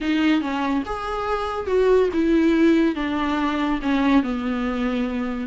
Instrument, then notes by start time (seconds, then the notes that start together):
viola
0.00 D#4
0.41 C#4
0.85 G#4
1.67 F#4
2.13 E4
2.95 D4
3.81 C#4
4.23 B3